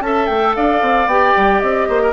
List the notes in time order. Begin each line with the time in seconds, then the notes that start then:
0.00 C#4 A4 E5 A5
0.26 A3 G5
0.55 D4 D5 F5
0.81 C4
1.06 B3 G4 G5
1.36 G3
1.60 C4 D#5
1.88 A#3 C5
2.02 A#4